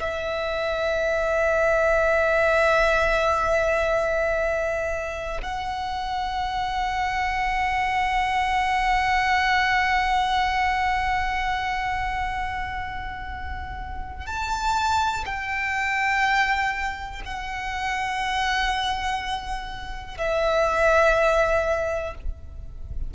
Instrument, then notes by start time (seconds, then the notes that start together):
violin
0.00 E5
5.42 F#5
14.26 A5
15.25 G5
17.25 F#5
20.18 E5